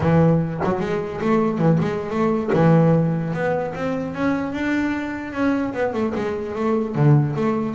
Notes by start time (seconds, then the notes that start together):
0.00 E3
0.63 F#3
0.80 G#3
1.21 A3
1.58 E3
1.80 G#3
2.10 A3
2.53 E3
3.33 B3
3.74 C4
4.14 C#4
4.52 D4
5.32 C#4
5.73 B3
5.93 A3
6.15 G#3
6.55 A3
6.95 D3
7.36 A3